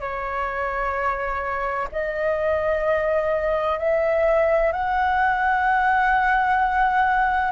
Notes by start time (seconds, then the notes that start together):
0.00 C#5
1.91 D#5
3.78 E5
4.72 F#5